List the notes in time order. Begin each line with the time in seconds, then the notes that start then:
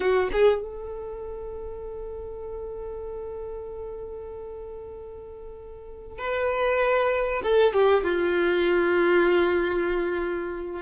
0.00 F#4
0.32 G#4
0.62 A4
6.18 B4
7.43 A4
7.73 G4
8.03 F4